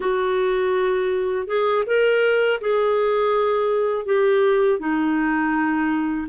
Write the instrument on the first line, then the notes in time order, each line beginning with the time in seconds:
clarinet
0.00 F#4
1.47 G#4
1.86 A#4
2.60 G#4
4.05 G4
4.79 D#4